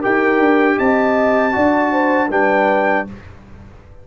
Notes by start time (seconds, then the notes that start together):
0.00 D#4 G4 A#4 G5
0.39 D4
0.78 C4 D#5 A5
1.52 D4 F#4 D5
1.92 C5
2.30 G3 D4 B4 G5